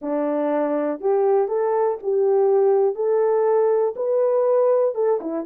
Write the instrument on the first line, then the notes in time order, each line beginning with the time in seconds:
horn
0.01 D4
1.00 G4
1.47 A4
2.03 G4
2.95 A4
3.96 B4
4.95 A4
5.21 E4